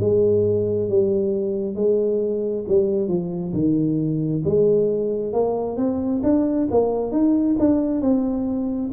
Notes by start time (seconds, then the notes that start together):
0.00 G#3
0.89 G3
1.75 G#3
2.68 G3
3.08 F3
3.53 D#3
4.44 G#3
5.33 A#3
5.77 C4
6.23 D4
6.71 A#3
7.12 D#4
7.59 D4
8.01 C4